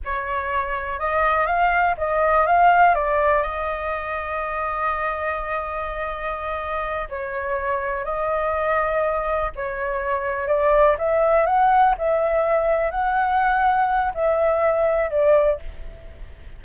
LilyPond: \new Staff \with { instrumentName = "flute" } { \time 4/4 \tempo 4 = 123 cis''2 dis''4 f''4 | dis''4 f''4 d''4 dis''4~ | dis''1~ | dis''2~ dis''8 cis''4.~ |
cis''8 dis''2. cis''8~ | cis''4. d''4 e''4 fis''8~ | fis''8 e''2 fis''4.~ | fis''4 e''2 d''4 | }